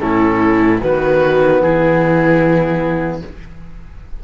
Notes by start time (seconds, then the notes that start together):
0.00 A2 C#4 E4 A4
0.81 D#3 B3 F#4 B4
1.62 E3 E4 G#4